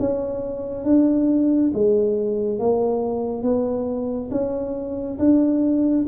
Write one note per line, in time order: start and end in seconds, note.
0.00 0.85 C#4
0.85 1.72 D4
1.74 2.60 G#3
2.60 3.43 A#3
3.43 4.30 B3
4.32 5.19 C#4
5.19 6.06 D4